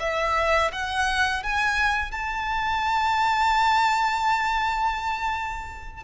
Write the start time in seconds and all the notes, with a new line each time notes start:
0.00 E5
0.72 F#5
1.43 G#5
2.11 A5